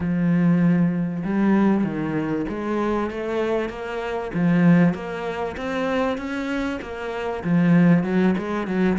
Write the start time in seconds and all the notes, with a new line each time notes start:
0.00 F3
1.24 G3
1.84 D#3
2.48 G#3
3.10 A3
3.69 A#3
4.34 F3
4.93 A#3
5.56 C4
6.17 C#4
6.81 A#3
7.43 F3
8.03 F#3
8.38 G#3
8.67 F#3